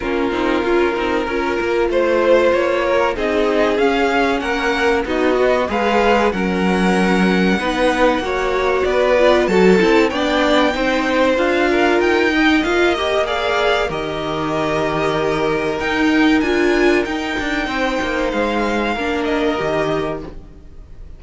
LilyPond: <<
  \new Staff \with { instrumentName = "violin" } { \time 4/4 \tempo 4 = 95 ais'2. c''4 | cis''4 dis''4 f''4 fis''4 | dis''4 f''4 fis''2~ | fis''2 d''4 a''4 |
g''2 f''4 g''4 | f''8 dis''8 f''4 dis''2~ | dis''4 g''4 gis''4 g''4~ | g''4 f''4. dis''4. | }
  \new Staff \with { instrumentName = "violin" } { \time 4/4 f'2 ais'4 c''4~ | c''8 ais'8 gis'2 ais'4 | dis'8 fis'8 b'4 ais'2 | b'4 cis''4 b'4 a'4 |
d''4 c''4. ais'4 dis''8~ | dis''4 d''4 ais'2~ | ais'1 | c''2 ais'2 | }
  \new Staff \with { instrumentName = "viola" } { \time 4/4 cis'8 dis'8 f'8 dis'8 f'2~ | f'4 dis'4 cis'2 | fis'4 gis'4 cis'2 | dis'4 fis'4. f'8 fis'8 e'8 |
d'4 dis'4 f'4. dis'8 | f'8 g'8 gis'4 g'2~ | g'4 dis'4 f'4 dis'4~ | dis'2 d'4 g'4 | }
  \new Staff \with { instrumentName = "cello" } { \time 4/4 ais8 c'8 cis'8 c'8 cis'8 ais8 a4 | ais4 c'4 cis'4 ais4 | b4 gis4 fis2 | b4 ais4 b4 fis8 c'8 |
b4 c'4 d'4 dis'4 | ais2 dis2~ | dis4 dis'4 d'4 dis'8 d'8 | c'8 ais8 gis4 ais4 dis4 | }
>>